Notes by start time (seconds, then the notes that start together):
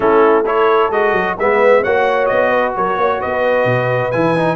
0.00 A3 C#4 E4 A4
0.44 E4 A4 C#5
0.90 G#3 F#4 D#5
1.12 F#3
1.38 G#3 B3 B4 E5
1.81 A#3 F#4 C#5 F#5
2.26 B3 D#5
2.50 B4
2.76 F#3 A#4 C#5
2.97 A#3 C#5
3.20 B3 B4 D#5
3.65 B2
4.11 E3 E4 G#5
4.36 D#4